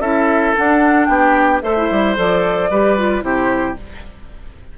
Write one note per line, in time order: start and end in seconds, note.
0.00 0.54 C#4
0.00 0.56 E4
0.00 1.08 A4
0.00 0.55 E5
0.56 1.62 D4
0.56 1.09 D4
0.56 1.06 F#5
1.06 1.62 B3
1.06 1.63 G4
1.06 1.60 G5
1.62 1.90 A3
1.62 1.76 A4
1.62 2.71 C5
1.62 2.16 E5
1.77 2.16 E4
1.91 2.18 G3
2.16 2.71 F3
2.16 2.70 A4
2.16 3.24 D5
2.71 3.23 G3
2.71 2.98 G4
2.71 3.24 B4
2.98 3.22 F4
3.22 3.76 C3
3.22 3.75 E4
3.22 3.79 G4
3.22 3.77 C5